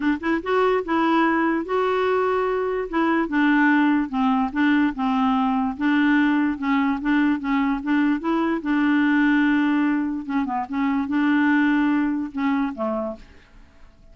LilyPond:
\new Staff \with { instrumentName = "clarinet" } { \time 4/4 \tempo 4 = 146 d'8 e'8 fis'4 e'2 | fis'2. e'4 | d'2 c'4 d'4 | c'2 d'2 |
cis'4 d'4 cis'4 d'4 | e'4 d'2.~ | d'4 cis'8 b8 cis'4 d'4~ | d'2 cis'4 a4 | }